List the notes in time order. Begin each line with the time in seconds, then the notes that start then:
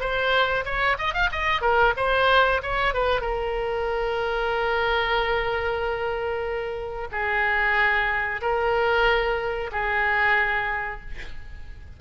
0.00 C5
0.65 C#5
0.98 D#5
1.13 F5
1.32 D#5
1.61 A#4
1.96 C5
2.62 C#5
2.94 B4
3.21 A#4
7.12 G#4
8.41 A#4
9.72 G#4